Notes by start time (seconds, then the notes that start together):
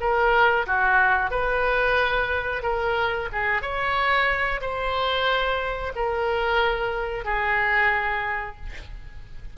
0.00 A#4
0.67 F#4
1.30 B4
2.63 A#4
3.32 G#4
3.61 C#5
4.61 C5
5.95 A#4
7.24 G#4